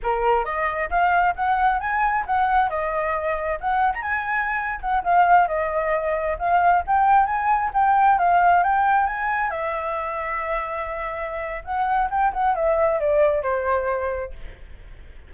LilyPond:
\new Staff \with { instrumentName = "flute" } { \time 4/4 \tempo 4 = 134 ais'4 dis''4 f''4 fis''4 | gis''4 fis''4 dis''2 | fis''8. ais''16 gis''4.~ gis''16 fis''8 f''8.~ | f''16 dis''2 f''4 g''8.~ |
g''16 gis''4 g''4 f''4 g''8.~ | g''16 gis''4 e''2~ e''8.~ | e''2 fis''4 g''8 fis''8 | e''4 d''4 c''2 | }